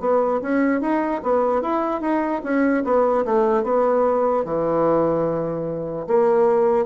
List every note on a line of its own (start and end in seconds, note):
0.00 0.41 B3
0.42 0.81 C#4
0.81 1.22 D#4
1.23 1.62 B3
1.62 2.01 E4
2.01 2.42 D#4
2.44 2.84 C#4
2.84 3.25 B3
3.25 3.64 A3
3.64 4.45 B3
4.45 6.07 E3
6.07 6.86 A#3